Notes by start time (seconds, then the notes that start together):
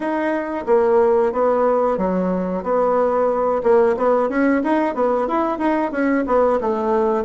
0.00 D#4
0.66 A#3
1.32 B3
1.97 F#3
2.63 B3
3.63 A#3
3.97 B3
4.29 C#4
4.63 D#4
4.95 B3
5.27 E4
5.58 D#4
5.91 C#4
6.26 B3
6.61 A3